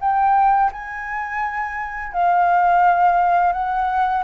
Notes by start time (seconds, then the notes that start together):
0.00 G5
0.72 G#5
2.12 F5
3.53 F#5